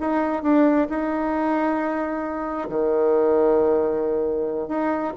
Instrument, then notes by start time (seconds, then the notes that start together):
bassoon
0.00 D#4
0.42 D4
0.89 D#4
2.69 D#3
4.68 D#4